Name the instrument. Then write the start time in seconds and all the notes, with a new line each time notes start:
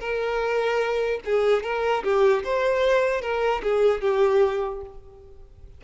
violin
0.00 A#4
1.25 G#4
1.63 A#4
2.03 G4
2.44 C5
3.21 A#4
3.63 G#4
4.01 G4